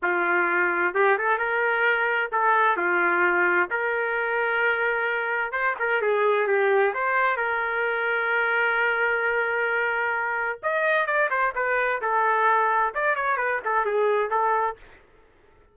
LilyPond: \new Staff \with { instrumentName = "trumpet" } { \time 4/4 \tempo 4 = 130 f'2 g'8 a'8 ais'4~ | ais'4 a'4 f'2 | ais'1 | c''8 ais'8 gis'4 g'4 c''4 |
ais'1~ | ais'2. dis''4 | d''8 c''8 b'4 a'2 | d''8 cis''8 b'8 a'8 gis'4 a'4 | }